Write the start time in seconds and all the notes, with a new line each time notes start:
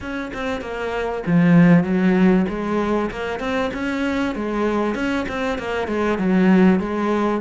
0.00 C#4
0.33 C4
0.61 A#3
1.26 F3
1.83 F#3
2.48 G#3
3.11 A#3
3.39 C4
3.73 C#4
4.35 G#3
4.95 C#4
5.28 C4
5.58 A#3
5.87 G#3
6.18 F#3
6.79 G#3